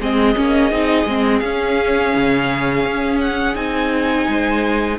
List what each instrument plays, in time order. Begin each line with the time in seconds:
0.00 cello G#3, viola C4, violin G#4 D#5
0.35 cello A#3, viola C#4
0.71 cello C4, viola D#4
1.05 cello G#3, viola C4
1.40 cello C#4, viola C#4, violin F5
2.15 cello C#3
2.85 cello C#4
3.21 violin F#5
3.55 cello C4, viola D#4, violin G#5
4.28 cello G#3, violin C5